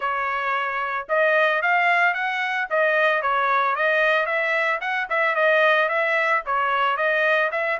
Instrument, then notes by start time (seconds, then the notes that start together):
trumpet
0.00 C#5
1.08 D#5
1.61 F5
2.14 F#5
2.70 D#5
3.22 C#5
3.75 D#5
4.26 E5
4.81 F#5
5.09 E5
5.35 D#5
5.88 E5
6.46 C#5
6.96 D#5
7.51 E5